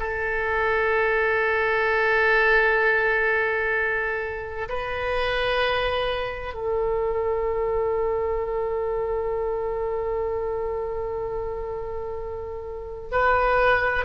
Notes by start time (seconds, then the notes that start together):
0.00 A4
4.69 B4
6.55 A4
13.12 B4